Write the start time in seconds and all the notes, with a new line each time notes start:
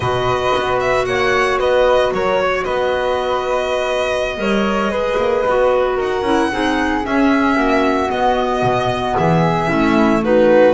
0.00 B2 F#4 B4 D#5
0.55 B3
0.80 E5
1.05 A#3 C#5 F#5
1.59 B3 B4 D#5
2.12 F#3 A#4 C#5
2.41 C#5
2.64 B3 B4 D#5
4.37 G3 A#4 C#5
4.87 G#3 G#4 B4
5.17 A#3
5.46 B3 F#4
5.96 D#4 A#4 F#5
6.21 C#4 E4
6.51 C4 D#4 G#4
7.03 C#4 E5
7.56 A#3 F#4
8.08 B3 D#5
8.62 B2
9.16 E3 G#4 E5
9.66 A3 C#4 E4
10.22 D#4 F#4 B4